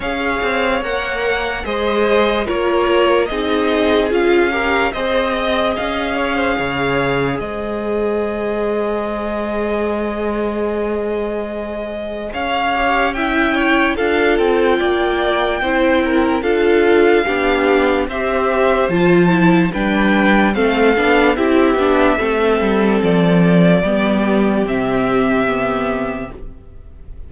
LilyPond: <<
  \new Staff \with { instrumentName = "violin" } { \time 4/4 \tempo 4 = 73 f''4 fis''4 dis''4 cis''4 | dis''4 f''4 dis''4 f''4~ | f''4 dis''2.~ | dis''2. f''4 |
g''4 f''8 g''2~ g''8 | f''2 e''4 a''4 | g''4 f''4 e''2 | d''2 e''2 | }
  \new Staff \with { instrumentName = "violin" } { \time 4/4 cis''2 c''4 ais'4 | gis'4. ais'8 c''8 dis''4 cis''16 c''16 | cis''4 c''2.~ | c''2. cis''4 |
e''8 cis''8 a'4 d''4 c''8 ais'8 | a'4 g'4 c''2 | b'4 a'4 g'4 a'4~ | a'4 g'2. | }
  \new Staff \with { instrumentName = "viola" } { \time 4/4 gis'4 ais'4 gis'4 f'4 | dis'4 f'8 g'8 gis'2~ | gis'1~ | gis'2.~ gis'8 g'8 |
e'4 f'2 e'4 | f'4 d'4 g'4 f'8 e'8 | d'4 c'8 d'8 e'8 d'8 c'4~ | c'4 b4 c'4 b4 | }
  \new Staff \with { instrumentName = "cello" } { \time 4/4 cis'8 c'8 ais4 gis4 ais4 | c'4 cis'4 c'4 cis'4 | cis4 gis2.~ | gis2. cis'4~ |
cis'4 d'8 c'8 ais4 c'4 | d'4 b4 c'4 f4 | g4 a8 b8 c'8 b8 a8 g8 | f4 g4 c2 | }
>>